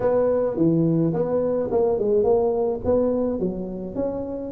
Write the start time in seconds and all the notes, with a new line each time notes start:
0.00 B3
0.56 E3
1.13 B3
1.71 A#3
1.98 G#3
2.23 A#3
2.85 B3
3.39 F#3
3.95 C#4